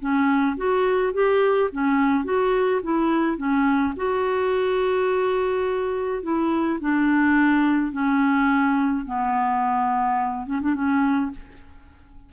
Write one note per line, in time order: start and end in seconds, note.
0.00 0.57 C#4
0.57 1.13 F#4
1.13 1.70 G4
1.72 2.25 C#4
2.25 2.81 F#4
2.83 3.38 E4
3.38 3.94 C#4
3.96 6.23 F#4
6.23 6.80 E4
6.81 7.92 D4
7.92 9.06 C#4
9.06 10.47 B3
10.47 10.61 C#4
10.62 10.75 D4
10.75 11.31 C#4